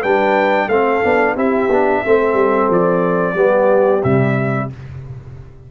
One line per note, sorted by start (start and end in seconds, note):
0.00 0.68 G3
0.00 0.70 D4
0.00 0.67 B4
0.00 0.69 G5
0.68 1.01 A3
0.68 1.03 C4
0.68 1.35 A4
0.68 1.35 F5
1.03 1.36 B3
1.03 1.36 D4
1.35 1.69 C4
1.35 1.70 E4
1.35 2.02 G4
1.35 2.72 E5
1.69 2.02 B3
1.69 2.05 D4
2.05 2.33 A3
2.05 3.35 C4
2.05 3.35 A4
2.33 2.67 G3
2.70 3.34 F3
2.70 4.03 D5
3.34 4.01 G3
3.34 4.02 B3
3.34 4.68 G4
4.03 4.71 C3
4.03 4.70 G3
4.03 4.70 E5